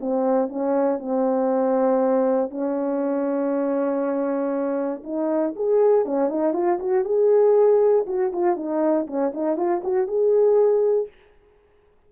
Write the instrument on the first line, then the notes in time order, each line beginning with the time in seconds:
horn
0.00 C4
0.49 C#4
0.99 C4
2.50 C#4
5.04 D#4
5.56 G#4
6.05 C#4
6.29 D#4
6.53 F4
6.80 F#4
7.04 G#4
8.06 F#4
8.33 F4
8.56 D#4
9.07 C#4
9.34 D#4
9.56 F4
9.84 F#4
10.07 G#4